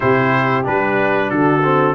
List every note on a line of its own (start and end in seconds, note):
0.00 0.67 C3
0.00 0.64 E4
0.00 1.29 G4
0.00 0.65 C5
0.64 1.31 G3
0.64 1.61 D4
0.64 1.30 B4
1.30 1.94 D3
1.30 1.94 F#4
1.30 1.94 A4
1.63 1.94 C4